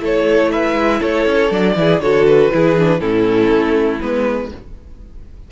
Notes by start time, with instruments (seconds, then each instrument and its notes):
0.00 cello A3, viola E4, violin A4 C#5
0.52 violin B4 E5
0.75 cello G#3
1.00 cello A3, violin A4 C#5
1.26 cello C#4
1.51 cello F#3, viola D4, violin D5
1.76 cello E3, viola E4, violin G#4
2.00 cello D3, viola F#4, violin A4 C#5
2.27 violin B4
2.52 cello E3, viola E4, violin G#4
2.79 viola D4
3.00 cello A2, viola C#4, violin E4 A4
3.50 cello A3
4.01 cello G#3, viola B3, violin B4